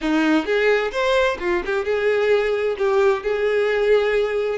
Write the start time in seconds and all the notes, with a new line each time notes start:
0.01 D#4
0.45 G#4
0.91 C5
1.39 F4
1.65 G4
1.84 G#4
2.78 G4
3.22 G#4